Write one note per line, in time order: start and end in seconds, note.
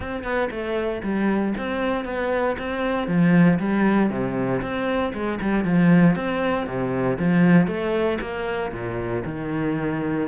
0.00 0.23 C4
0.23 0.49 B3
0.50 1.02 A3
1.03 1.54 G3
1.57 2.05 C4
2.05 2.56 B3
2.58 3.07 C4
3.07 3.59 F3
3.59 4.09 G3
4.09 4.61 C3
4.61 5.12 C4
5.13 5.39 G#3
5.41 5.64 G3
5.64 6.15 F3
6.15 6.66 C4
6.66 7.18 C3
7.18 7.67 F3
7.67 8.18 A3
8.21 8.72 A#3
8.72 9.23 A#2
9.25 10.28 D#3